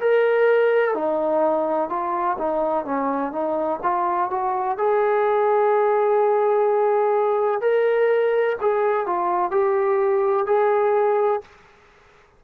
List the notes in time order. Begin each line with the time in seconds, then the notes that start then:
0.00 A#4
0.94 D#4
1.89 F4
2.38 D#4
2.85 C#4
3.32 D#4
3.83 F4
4.30 F#4
4.78 G#4
7.61 A#4
8.61 G#4
9.06 F4
9.51 G4
10.46 G#4